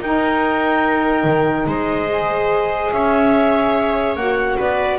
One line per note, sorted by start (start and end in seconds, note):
0.00 1.24 D#4
0.00 2.08 D#4
0.00 1.67 A#4
0.00 1.68 G5
1.24 1.65 D#3
1.66 2.91 G#3
1.66 2.92 C5
1.66 2.92 D#5
2.08 4.17 G#4
2.92 4.16 C#4
2.92 4.57 C#5
2.92 4.15 E5
4.15 4.57 A#3
4.15 4.99 F#4
4.15 4.57 F#5
4.57 4.99 B3
4.57 4.99 B4
4.57 4.99 D5